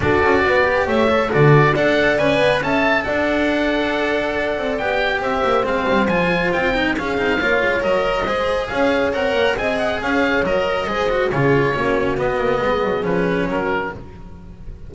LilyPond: <<
  \new Staff \with { instrumentName = "oboe" } { \time 4/4 \tempo 4 = 138 d''2 e''4 d''4 | fis''4 gis''4 a''4 fis''4~ | fis''2. g''4 | e''4 f''4 gis''4 g''4 |
f''2 dis''2 | f''4 fis''4 gis''8 fis''8 f''4 | dis''2 cis''2 | dis''2 b'4 ais'4 | }
  \new Staff \with { instrumentName = "horn" } { \time 4/4 a'4 b'4 cis''4 a'4 | d''2 e''4 d''4~ | d''1 | c''1 |
gis'4 cis''2 c''4 | cis''2 dis''4 cis''4~ | cis''4 c''4 gis'4 fis'4~ | fis'4 gis'2 fis'4 | }
  \new Staff \with { instrumentName = "cello" } { \time 4/4 fis'4. g'4 a'8 fis'4 | a'4 b'4 a'2~ | a'2. g'4~ | g'4 c'4 f'4. dis'8 |
cis'8 dis'8 f'4 ais'4 gis'4~ | gis'4 ais'4 gis'2 | ais'4 gis'8 fis'8 f'4 cis'4 | b2 cis'2 | }
  \new Staff \with { instrumentName = "double bass" } { \time 4/4 d'8 cis'8 b4 a4 d4 | d'4 cis'8 b8 cis'4 d'4~ | d'2~ d'8 c'8 b4 | c'8 ais8 gis8 g8 f4 c'4 |
cis'8 c'8 ais8 gis8 fis4 gis4 | cis'4 c'8 ais8 c'4 cis'4 | fis4 gis4 cis4 ais4 | b8 ais8 gis8 fis8 f4 fis4 | }
>>